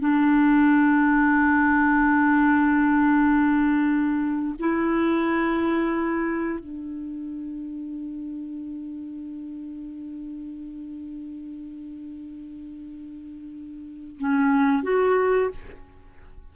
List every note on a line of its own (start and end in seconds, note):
0.00 4.55 D4
4.60 6.60 E4
6.60 14.18 D4
14.19 14.83 C#4
14.83 15.51 F#4